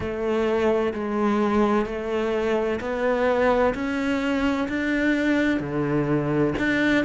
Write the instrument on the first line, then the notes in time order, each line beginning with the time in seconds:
cello
0.00 A3
0.93 G#3
1.85 A3
2.80 B3
3.74 C#4
4.68 D4
5.60 D3
6.58 D4